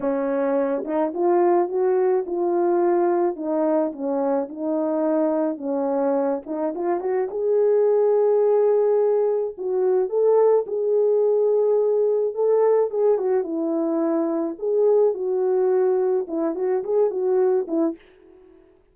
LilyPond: \new Staff \with { instrumentName = "horn" } { \time 4/4 \tempo 4 = 107 cis'4. dis'8 f'4 fis'4 | f'2 dis'4 cis'4 | dis'2 cis'4. dis'8 | f'8 fis'8 gis'2.~ |
gis'4 fis'4 a'4 gis'4~ | gis'2 a'4 gis'8 fis'8 | e'2 gis'4 fis'4~ | fis'4 e'8 fis'8 gis'8 fis'4 e'8 | }